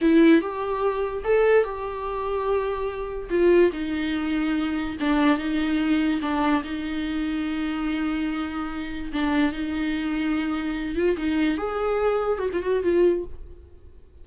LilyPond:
\new Staff \with { instrumentName = "viola" } { \time 4/4 \tempo 4 = 145 e'4 g'2 a'4 | g'1 | f'4 dis'2. | d'4 dis'2 d'4 |
dis'1~ | dis'2 d'4 dis'4~ | dis'2~ dis'8 f'8 dis'4 | gis'2 fis'16 f'16 fis'8 f'4 | }